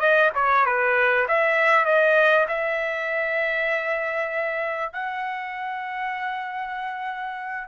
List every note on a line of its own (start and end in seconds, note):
0.00 0.31 D#5
0.35 0.66 C#5
0.66 1.27 B4
1.28 1.86 E5
1.86 2.47 D#5
2.48 4.93 E5
4.93 7.68 F#5